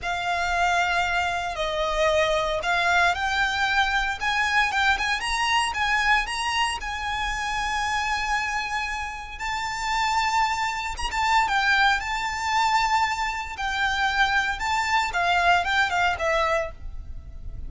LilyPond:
\new Staff \with { instrumentName = "violin" } { \time 4/4 \tempo 4 = 115 f''2. dis''4~ | dis''4 f''4 g''2 | gis''4 g''8 gis''8 ais''4 gis''4 | ais''4 gis''2.~ |
gis''2 a''2~ | a''4 ais''16 a''8. g''4 a''4~ | a''2 g''2 | a''4 f''4 g''8 f''8 e''4 | }